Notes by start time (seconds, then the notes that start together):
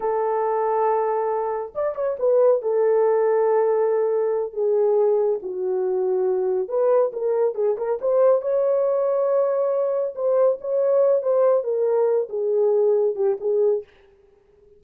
0.00 A4
1.74 D5
1.95 C#5
2.19 B4
2.62 A4
4.53 G#4
5.42 F#4
6.68 B4
7.12 A#4
7.54 G#4
7.77 A#4
8.01 C5
8.41 C#5
10.15 C5
10.60 C#5
11.22 C5
11.63 A#4
12.29 G#4
13.15 G4
13.40 G#4